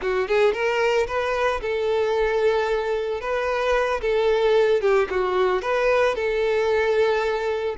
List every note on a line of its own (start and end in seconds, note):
0.01 0.28 F#4
0.28 0.53 G#4
0.53 1.06 A#4
1.07 1.60 B4
1.61 3.20 A4
3.20 4.01 B4
4.01 4.81 A4
4.81 5.08 G4
5.10 5.62 F#4
5.62 6.15 B4
6.15 7.75 A4